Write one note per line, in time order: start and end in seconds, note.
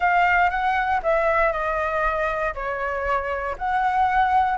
0.00 0.50 F5
0.50 1.01 F#5
1.02 1.52 E5
1.52 2.54 D#5
2.54 3.56 C#5
3.58 4.58 F#5